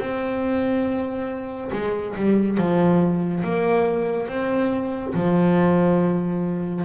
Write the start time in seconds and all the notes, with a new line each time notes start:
0.00 C4
1.73 G#3
2.17 G3
2.58 F3
3.44 A#3
4.28 C4
5.14 F3